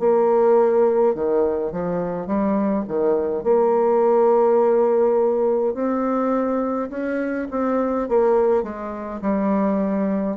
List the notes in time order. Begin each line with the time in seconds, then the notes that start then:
0.00 A#3
1.15 D#3
1.72 F3
2.27 G3
2.88 D#3
3.44 A#3
5.74 C4
6.90 C#4
7.51 C4
8.09 A#3
8.63 G#3
9.22 G3